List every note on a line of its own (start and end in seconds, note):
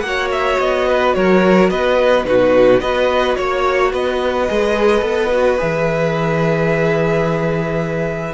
0.00 0.57 A#3
0.00 2.24 F#4
0.00 0.28 F#5
0.07 0.88 C#5
0.32 0.59 E5
0.59 1.16 B3
0.59 1.14 D#5
0.88 1.16 B4
1.14 1.71 F#3
1.14 1.71 A#4
1.14 1.69 C#5
1.69 2.25 B3
1.69 2.26 B4
1.69 2.25 D#5
2.24 2.80 B2
2.24 2.80 D#4
2.24 2.82 F#4
2.24 2.80 B4
2.80 3.36 B3
2.80 4.48 F#4
2.80 3.38 B4
2.80 3.36 D#5
3.36 3.93 A#3
3.36 3.91 C#5
3.36 3.92 C#5
3.92 4.48 B3
3.92 8.34 B4
3.92 5.60 D#5
4.48 5.02 G#3
4.48 5.01 G#4
5.01 5.57 B3
5.01 5.29 A4
5.32 5.58 F#4
5.58 8.34 E3
5.58 8.34 G#4
5.58 8.34 E5